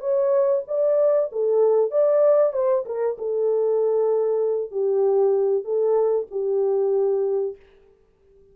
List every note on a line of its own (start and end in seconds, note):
0.00 0.62 C#5
0.68 1.30 D5
1.32 1.91 A4
1.91 2.53 D5
2.53 2.84 C5
2.86 3.17 A#4
3.18 4.72 A4
4.72 5.64 G4
5.64 6.27 A4
6.31 7.56 G4